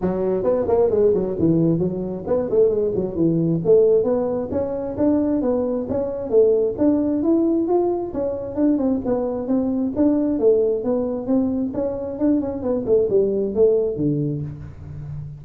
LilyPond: \new Staff \with { instrumentName = "tuba" } { \time 4/4 \tempo 4 = 133 fis4 b8 ais8 gis8 fis8 e4 | fis4 b8 a8 gis8 fis8 e4 | a4 b4 cis'4 d'4 | b4 cis'4 a4 d'4 |
e'4 f'4 cis'4 d'8 c'8 | b4 c'4 d'4 a4 | b4 c'4 cis'4 d'8 cis'8 | b8 a8 g4 a4 d4 | }